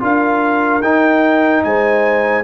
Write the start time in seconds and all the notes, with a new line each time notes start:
0.00 D4 F4 A#4 F5
0.81 D#4 G5
1.64 G#3 C5 G#5